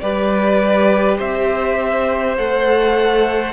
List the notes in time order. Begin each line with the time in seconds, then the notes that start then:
0.00 G3 G4 B4 D5
1.18 C4 C5 E5
2.37 A3 A4 F#5